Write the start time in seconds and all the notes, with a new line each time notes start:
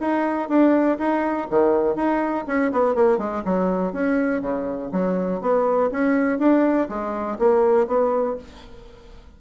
0.00 D#4
0.49 D4
0.98 D#4
1.50 D#3
1.95 D#4
2.47 C#4
2.72 B3
2.95 A#3
3.18 G#3
3.45 F#3
3.93 C#4
4.42 C#3
4.92 F#3
5.41 B3
5.91 C#4
6.39 D4
6.89 G#3
7.39 A#3
7.87 B3